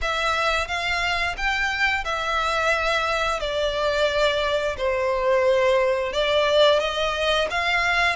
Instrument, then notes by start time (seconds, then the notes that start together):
violin
0.01 E5
0.67 F5
1.37 G5
2.04 E5
3.40 D5
4.77 C5
6.12 D5
6.79 D#5
7.50 F5